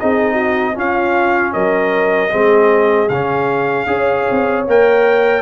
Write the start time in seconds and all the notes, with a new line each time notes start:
0.00 C4 D#4 G#4 D#5
0.33 F#4
0.74 C#4 F4 F5
1.53 F#3 A#4 D#5
2.31 G#3 C4 G#4
3.09 C#3 C#4 F5
3.87 C#4 G#4 C#5
4.31 C4
4.68 A#3 A#4 G5